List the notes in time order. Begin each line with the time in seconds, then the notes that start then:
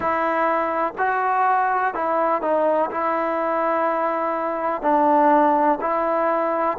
0.00 E4
0.98 F#4
1.94 E4
2.41 D#4
2.90 E4
4.82 D4
5.81 E4